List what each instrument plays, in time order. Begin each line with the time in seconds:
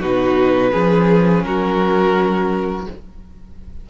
0.00 cello B2, viola D#4, violin F#4 B4
0.71 cello F3, viola C#4, violin G#4
1.44 cello F#3, violin F#4 A#4